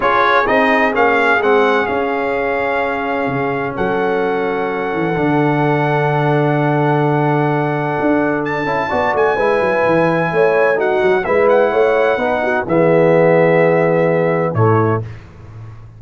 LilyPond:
<<
  \new Staff \with { instrumentName = "trumpet" } { \time 4/4 \tempo 4 = 128 cis''4 dis''4 f''4 fis''4 | f''1 | fis''1~ | fis''1~ |
fis''2 a''4. gis''8~ | gis''2. fis''4 | e''8 fis''2~ fis''8 e''4~ | e''2. cis''4 | }
  \new Staff \with { instrumentName = "horn" } { \time 4/4 gis'1~ | gis'1 | a'1~ | a'1~ |
a'2. d''4 | b'2 cis''4 fis'4 | b'4 cis''4 b'8 fis'8 gis'4~ | gis'2. e'4 | }
  \new Staff \with { instrumentName = "trombone" } { \time 4/4 f'4 dis'4 cis'4 c'4 | cis'1~ | cis'2. d'4~ | d'1~ |
d'2~ d'8 e'8 fis'4 | e'2. dis'4 | e'2 dis'4 b4~ | b2. a4 | }
  \new Staff \with { instrumentName = "tuba" } { \time 4/4 cis'4 c'4 ais4 gis4 | cis'2. cis4 | fis2~ fis8 e8 d4~ | d1~ |
d4 d'4. cis'8 b8 a8 | gis8 fis8 e4 a4. fis8 | gis4 a4 b4 e4~ | e2. a,4 | }
>>